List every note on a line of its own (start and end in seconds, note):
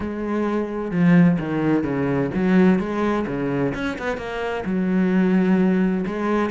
0.00 0.91 G#3
0.91 1.37 F3
1.39 1.83 D#3
1.83 2.30 C#3
2.34 2.79 F#3
2.79 3.25 G#3
3.27 3.73 C#3
3.74 3.97 C#4
3.98 4.17 B3
4.17 4.63 A#3
4.65 6.04 F#3
6.06 6.50 G#3